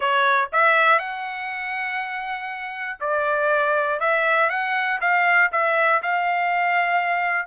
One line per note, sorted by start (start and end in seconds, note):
0.00 0.48 C#5
0.52 0.98 E5
0.98 2.98 F#5
3.00 4.00 D5
4.00 4.49 E5
4.49 4.99 F#5
5.00 5.50 F5
5.52 6.02 E5
6.02 7.46 F5